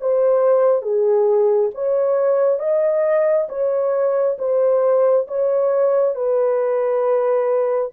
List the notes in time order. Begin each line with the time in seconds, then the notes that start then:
0.00 C5
0.82 G#4
1.74 C#5
2.59 D#5
3.49 C#5
4.38 C5
5.27 C#5
6.15 B4